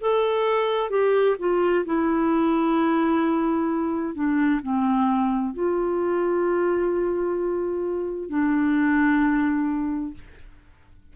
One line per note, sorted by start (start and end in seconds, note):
0.00 0.89 A4
0.89 1.36 G4
1.38 1.85 F4
1.85 4.14 E4
4.14 4.60 D4
4.62 5.53 C4
5.53 8.29 F4
8.29 10.14 D4